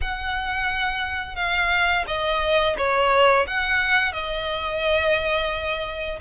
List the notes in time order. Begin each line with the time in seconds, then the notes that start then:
0.01 F#5
1.35 F5
2.07 D#5
2.77 C#5
3.47 F#5
4.12 D#5